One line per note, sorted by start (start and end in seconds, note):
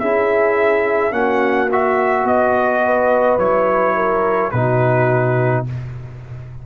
0.00 1.12 C#4
0.00 1.12 E4
0.00 1.14 G#4
0.00 1.13 E5
1.12 2.25 A#3
1.12 1.69 C#4
1.12 2.85 F#4
1.12 1.70 F#5
1.72 3.39 F#4
1.72 2.28 E5
2.25 3.38 B3
2.25 3.39 D#5
2.85 3.96 B4
3.39 4.52 F#3
3.39 4.53 E4
3.39 4.52 C#5
3.96 4.53 A#4
4.52 5.67 B2
4.52 5.67 D#4
4.52 5.67 F#4
4.52 5.65 B4